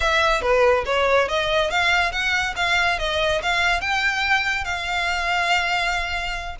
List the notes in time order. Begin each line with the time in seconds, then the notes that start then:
0.00 E5
0.41 B4
0.85 C#5
1.28 D#5
1.70 F5
2.12 F#5
2.56 F5
2.99 D#5
3.42 F5
3.80 G5
4.64 F5